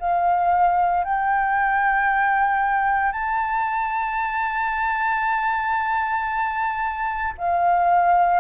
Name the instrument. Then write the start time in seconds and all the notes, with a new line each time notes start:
flute
0.00 F5
1.05 G5
3.12 A5
7.38 F5